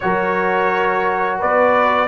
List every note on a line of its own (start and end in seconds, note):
0.00 1.42 F#3
0.00 2.07 F#4
0.00 1.38 A#4
0.00 1.39 C#5
1.38 2.07 B3
1.38 2.07 B4
1.38 2.07 D5